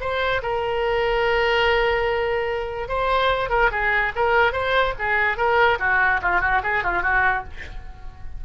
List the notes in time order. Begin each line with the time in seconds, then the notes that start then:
0.00 C5
0.42 A#4
2.88 C5
3.49 A#4
3.71 G#4
4.15 A#4
4.52 C5
4.99 G#4
5.37 A#4
5.79 F#4
6.22 F4
6.41 F#4
6.63 G#4
6.83 F4
7.02 F#4